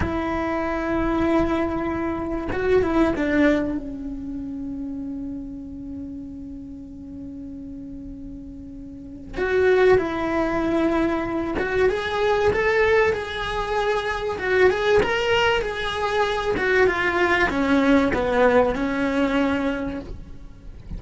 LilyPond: \new Staff \with { instrumentName = "cello" } { \time 4/4 \tempo 4 = 96 e'1 | fis'8 e'8 d'4 cis'2~ | cis'1~ | cis'2. fis'4 |
e'2~ e'8 fis'8 gis'4 | a'4 gis'2 fis'8 gis'8 | ais'4 gis'4. fis'8 f'4 | cis'4 b4 cis'2 | }